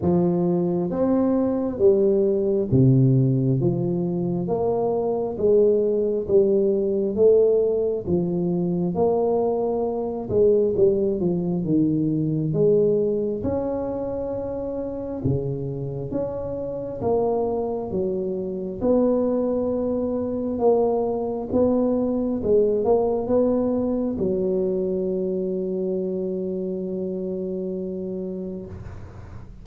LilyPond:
\new Staff \with { instrumentName = "tuba" } { \time 4/4 \tempo 4 = 67 f4 c'4 g4 c4 | f4 ais4 gis4 g4 | a4 f4 ais4. gis8 | g8 f8 dis4 gis4 cis'4~ |
cis'4 cis4 cis'4 ais4 | fis4 b2 ais4 | b4 gis8 ais8 b4 fis4~ | fis1 | }